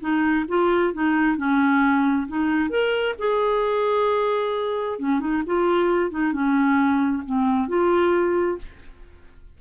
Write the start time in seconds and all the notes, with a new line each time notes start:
0.00 D#4
0.48 F4
0.93 D#4
1.37 C#4
2.27 D#4
2.70 A#4
3.18 G#4
4.99 C#4
5.20 D#4
5.46 F4
6.10 D#4
6.32 C#4
7.25 C4
7.68 F4